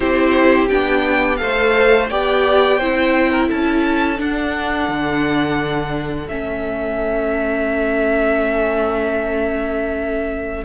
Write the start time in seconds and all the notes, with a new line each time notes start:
0.00 C4 E4 G4 C5
0.68 B3 D4 G5
1.36 A3 A4 C5 F5
2.09 B3 G4 D5 G5
2.78 C4 E4 C5
3.31 A#4
3.48 C#4 A4 A5
4.16 D4 F#5
4.88 D3
6.27 A3 C#4 E5